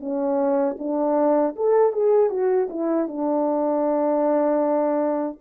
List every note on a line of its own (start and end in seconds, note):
0.00 0.77 C#4
0.79 1.56 D4
1.56 1.93 A4
1.93 2.30 G#4
2.30 2.68 F#4
2.70 3.08 E4
3.08 5.39 D4